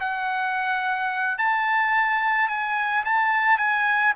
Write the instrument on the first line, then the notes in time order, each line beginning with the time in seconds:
trumpet
0.00 F#5
1.38 A5
2.48 G#5
3.05 A5
3.58 G#5